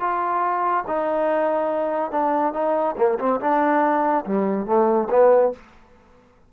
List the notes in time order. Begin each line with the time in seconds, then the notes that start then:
0.00 F4
0.87 D#4
2.11 D4
2.53 D#4
2.97 A#3
3.19 C4
3.40 D4
4.26 G3
4.66 A3
5.10 B3